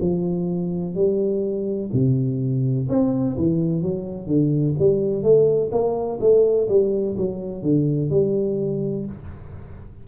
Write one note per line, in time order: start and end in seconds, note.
0.00 0.94 F3
0.94 1.90 G3
1.92 2.87 C3
2.89 3.36 C4
3.37 3.82 E3
3.82 4.26 F#3
4.26 4.74 D3
4.78 5.23 G3
5.23 5.70 A3
5.71 6.19 A#3
6.20 6.68 A3
6.68 7.16 G3
7.17 7.62 F#3
7.62 8.10 D3
8.10 9.05 G3